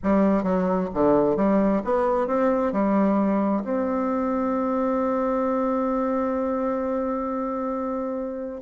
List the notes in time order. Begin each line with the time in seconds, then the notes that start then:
0.03 G3
0.43 F#3
0.94 D3
1.36 G3
1.84 B3
2.27 C4
2.72 G3
3.64 C4